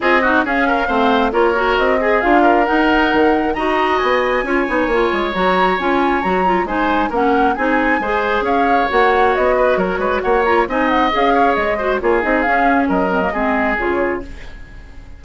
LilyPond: <<
  \new Staff \with { instrumentName = "flute" } { \time 4/4 \tempo 4 = 135 dis''4 f''2 cis''4 | dis''4 f''4 fis''2 | ais''4 gis''2. | ais''4 gis''4 ais''4 gis''4 |
fis''4 gis''2 f''4 | fis''4 dis''4 cis''4 fis''8 ais''8 | gis''8 fis''8 f''4 dis''4 cis''8 dis''8 | f''4 dis''2 cis''4 | }
  \new Staff \with { instrumentName = "oboe" } { \time 4/4 gis'8 fis'8 gis'8 ais'8 c''4 ais'4~ | ais'8 gis'4 ais'2~ ais'8 | dis''2 cis''2~ | cis''2. c''4 |
ais'4 gis'4 c''4 cis''4~ | cis''4. b'8 ais'8 b'8 cis''4 | dis''4. cis''4 c''8 gis'4~ | gis'4 ais'4 gis'2 | }
  \new Staff \with { instrumentName = "clarinet" } { \time 4/4 f'8 dis'8 cis'4 c'4 f'8 fis'8~ | fis'8 gis'8 f'4 dis'2 | fis'2 f'8 dis'8 f'4 | fis'4 f'4 fis'8 f'8 dis'4 |
cis'4 dis'4 gis'2 | fis'2.~ fis'8 f'8 | dis'4 gis'4. fis'8 f'8 dis'8 | cis'4. c'16 ais16 c'4 f'4 | }
  \new Staff \with { instrumentName = "bassoon" } { \time 4/4 c'4 cis'4 a4 ais4 | c'4 d'4 dis'4 dis4 | dis'4 b4 cis'8 b8 ais8 gis8 | fis4 cis'4 fis4 gis4 |
ais4 c'4 gis4 cis'4 | ais4 b4 fis8 gis8 ais4 | c'4 cis'4 gis4 ais8 c'8 | cis'4 fis4 gis4 cis4 | }
>>